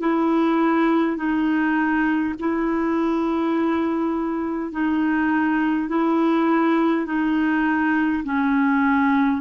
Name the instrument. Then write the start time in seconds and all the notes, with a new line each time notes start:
clarinet
0.00 E4
1.17 D#4
2.40 E4
4.72 D#4
5.88 E4
7.06 D#4
8.24 C#4